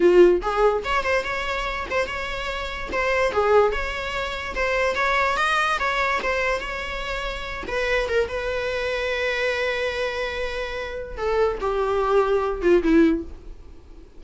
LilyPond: \new Staff \with { instrumentName = "viola" } { \time 4/4 \tempo 4 = 145 f'4 gis'4 cis''8 c''8 cis''4~ | cis''8 c''8 cis''2 c''4 | gis'4 cis''2 c''4 | cis''4 dis''4 cis''4 c''4 |
cis''2~ cis''8 b'4 ais'8 | b'1~ | b'2. a'4 | g'2~ g'8 f'8 e'4 | }